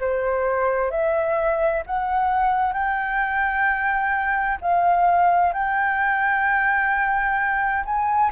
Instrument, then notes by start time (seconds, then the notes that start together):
flute
0.00 C5
0.91 E5
1.87 F#5
2.74 G5
4.62 F5
5.53 G5
7.85 G#5